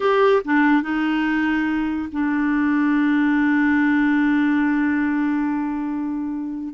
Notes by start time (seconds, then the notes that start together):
0.00 G4
0.44 D4
0.82 D#4
2.12 D4